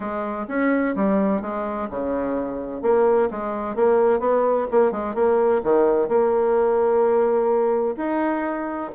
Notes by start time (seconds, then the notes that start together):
0.00 G#3
0.48 C#4
0.95 G3
1.41 G#3
1.90 C#3
2.81 A#3
3.30 G#3
3.75 A#3
4.19 B3
4.71 A#3
4.91 G#3
5.14 A#3
5.63 D#3
6.08 A#3
7.97 D#4